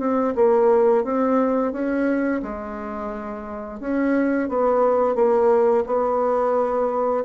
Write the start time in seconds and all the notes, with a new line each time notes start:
0.00 C4
0.35 A#3
1.04 C4
1.73 C#4
2.43 G#3
3.80 C#4
4.49 B3
5.16 A#3
5.87 B3